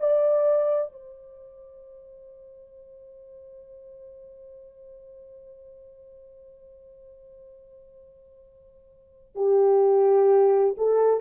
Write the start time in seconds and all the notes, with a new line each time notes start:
0.00 D5
0.93 C5
9.35 G4
10.78 A4